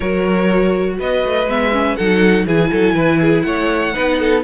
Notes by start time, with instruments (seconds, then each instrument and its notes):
0.00 cello F#3, viola F#4, violin A#4 C#5
0.98 cello B3, violin B4 D#5
1.24 cello A3
1.46 cello G#3, viola B3, violin E5
1.72 viola C#4
1.96 cello F#3, viola D#4, violin A4 F#5
2.46 cello E3, viola E4, violin G#4 G#5
2.70 cello F#3, violin A4
2.93 cello E3, violin B4
3.21 violin G#4
3.41 cello A3, violin C#5 F#5
3.94 cello B3, viola D#4, violin B4
4.19 violin A4